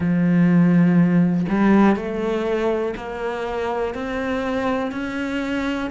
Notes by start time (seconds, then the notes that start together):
0.00 F3
1.48 G3
1.95 A3
2.96 A#3
3.94 C4
4.91 C#4